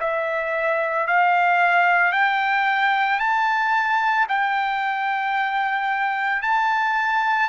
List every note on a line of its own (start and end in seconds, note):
0.00 1.07 E5
1.07 2.12 F5
2.12 3.19 G5
3.19 4.27 A5
4.29 6.42 G5
6.42 7.49 A5